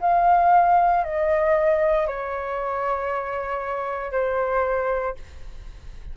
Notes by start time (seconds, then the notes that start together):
0.00 F5
1.03 D#5
2.06 C#5
4.11 C5